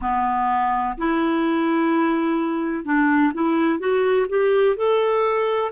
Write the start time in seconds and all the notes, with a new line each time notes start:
0.01 B3
0.97 E4
2.84 D4
3.33 E4
3.79 F#4
4.29 G4
4.76 A4